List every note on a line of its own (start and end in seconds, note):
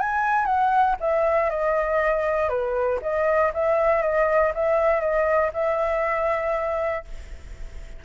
0.00 0.45 G#5
0.45 0.96 F#5
1.00 1.50 E5
1.50 2.49 D#5
2.49 3.00 B4
3.02 3.52 D#5
3.54 4.02 E5
4.02 4.53 D#5
4.55 5.01 E5
5.01 5.51 D#5
5.54 7.05 E5